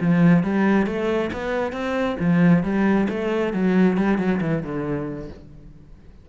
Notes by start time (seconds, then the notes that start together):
0.00 F3
0.43 G3
0.86 A3
1.33 B3
1.72 C4
2.19 F3
2.63 G3
3.09 A3
3.53 F#3
3.97 G3
4.18 F#3
4.41 E3
4.63 D3